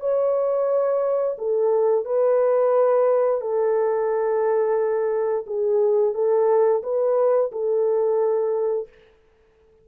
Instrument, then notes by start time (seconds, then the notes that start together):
horn
0.00 C#5
1.38 A4
2.05 B4
3.41 A4
5.46 G#4
6.14 A4
6.82 B4
7.52 A4